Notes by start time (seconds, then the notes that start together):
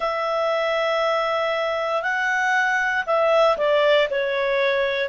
0.00 E5
2.02 F#5
3.06 E5
3.57 D5
4.10 C#5